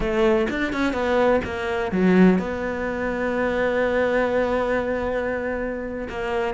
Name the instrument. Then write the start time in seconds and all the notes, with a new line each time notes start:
cello
0.00 A3
0.50 D4
0.72 C#4
0.93 B3
1.44 A#3
1.91 F#3
2.38 B3
6.09 A#3